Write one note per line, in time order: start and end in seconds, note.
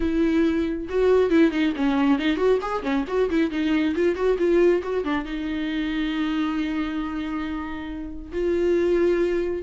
0.00 0.88 E4
0.89 1.29 F#4
1.29 1.51 E4
1.51 1.73 D#4
1.75 2.18 C#4
2.18 2.36 D#4
2.36 2.58 F#4
2.61 2.82 G#4
2.82 3.04 C#4
3.07 3.29 F#4
3.30 3.50 E4
3.50 3.94 D#4
3.95 4.15 F4
4.15 4.37 F#4
4.38 4.82 F4
4.83 5.04 F#4
5.04 5.25 D4
5.25 8.32 D#4
8.32 9.62 F4